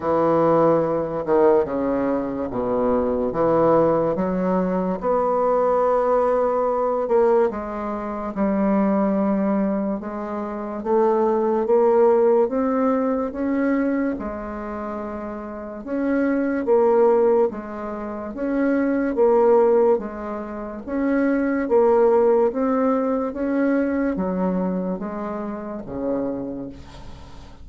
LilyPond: \new Staff \with { instrumentName = "bassoon" } { \time 4/4 \tempo 4 = 72 e4. dis8 cis4 b,4 | e4 fis4 b2~ | b8 ais8 gis4 g2 | gis4 a4 ais4 c'4 |
cis'4 gis2 cis'4 | ais4 gis4 cis'4 ais4 | gis4 cis'4 ais4 c'4 | cis'4 fis4 gis4 cis4 | }